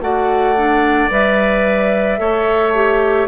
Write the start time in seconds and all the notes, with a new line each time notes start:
0.00 A3 F#4 D5 F#5
0.56 D4
1.10 G3 B4 E5
2.18 A3 A4 C#5
2.74 G4